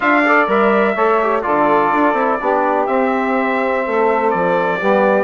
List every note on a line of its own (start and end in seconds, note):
0.00 0.47 D4
0.00 0.23 F4
0.00 0.24 E5
0.00 0.48 F5
0.26 0.47 A4
0.26 0.94 D5
0.47 0.95 G3
0.47 0.95 A#4
0.47 1.42 E5
0.94 1.43 A3
0.94 1.21 A4
0.94 1.42 C#5
1.22 1.42 G4
1.42 1.92 D3
1.42 2.14 F4
1.42 2.39 A4
1.42 2.86 D5
1.92 2.13 D4
2.13 2.37 C4
2.13 2.39 E4
2.40 2.88 B3
2.40 2.88 D4
2.40 3.84 G4
2.86 3.83 C4
2.86 4.80 C4
2.86 4.30 E5
3.85 4.33 A3
3.85 4.79 A4
4.30 4.81 F3
4.30 5.24 D5
4.79 5.24 G3
4.79 5.24 B3
4.79 5.24 G4